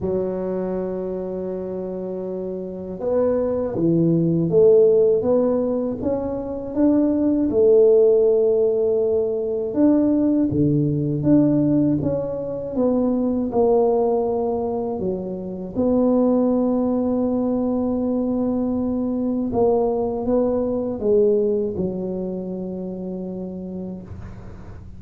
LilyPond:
\new Staff \with { instrumentName = "tuba" } { \time 4/4 \tempo 4 = 80 fis1 | b4 e4 a4 b4 | cis'4 d'4 a2~ | a4 d'4 d4 d'4 |
cis'4 b4 ais2 | fis4 b2.~ | b2 ais4 b4 | gis4 fis2. | }